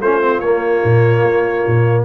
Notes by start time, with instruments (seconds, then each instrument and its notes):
0.00 tuba A3, trombone C#4, horn F4, trumpet C5
0.21 trombone C4
0.40 tuba A#3, trombone A#3, trumpet C#5
0.84 tuba A#2
1.24 tuba A#3
1.67 tuba A#2